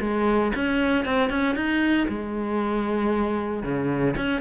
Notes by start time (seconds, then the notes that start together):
0.00 G#3
0.55 C#4
1.05 C4
1.29 C#4
1.55 D#4
2.08 G#3
3.63 C#3
4.16 C#4